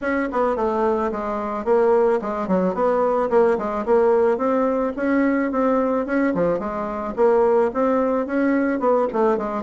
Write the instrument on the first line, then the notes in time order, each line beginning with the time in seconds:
bassoon
0.01 C#4
0.32 B3
0.56 A3
1.11 G#3
1.64 A#3
2.21 G#3
2.47 F#3
2.74 B3
3.30 A#3
3.58 G#3
3.85 A#3
4.37 C4
4.96 C#4
5.51 C4
6.06 C#4
6.34 F3
6.59 G#3
7.16 A#3
7.73 C4
8.26 C#4
8.79 B3
9.12 A3
9.37 G#3